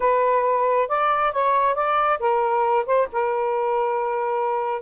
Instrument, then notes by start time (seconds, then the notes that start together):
saxophone
0.00 B4
0.88 D5
1.32 C#5
1.74 D5
2.19 A#4
2.86 C5
3.12 A#4